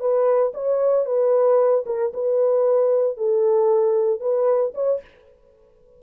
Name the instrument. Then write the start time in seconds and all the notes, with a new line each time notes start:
horn
0.00 B4
0.54 C#5
1.06 B4
1.86 A#4
2.14 B4
3.17 A4
4.20 B4
4.74 C#5